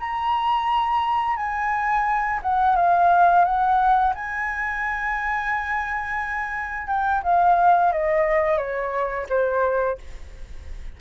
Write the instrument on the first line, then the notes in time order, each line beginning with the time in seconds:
flute
0.00 A#5
1.37 G#5
2.43 F#5
2.76 F5
3.45 F#5
4.15 G#5
6.88 G5
7.24 F5
7.93 D#5
8.58 C#5
9.29 C5